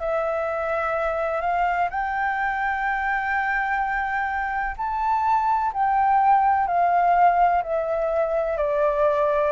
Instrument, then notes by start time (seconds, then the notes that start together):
flute
0.00 E5
1.41 F5
1.90 G5
4.77 A5
5.73 G5
6.67 F5
7.63 E5
8.57 D5